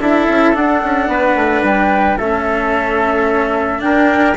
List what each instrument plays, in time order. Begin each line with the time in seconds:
0.00 bassoon D4, cello E4, trumpet A4, flute E5
0.28 bassoon C#4
0.53 cello D4, bassoon D4, flute F#5
0.83 bassoon C#4
1.07 bassoon B3, trumpet B4
1.35 bassoon A3
1.62 bassoon G3, flute G5
2.17 bassoon A3, cello C#4, trumpet A4, flute E5
3.79 cello D4, bassoon D4, trumpet A#4, flute G5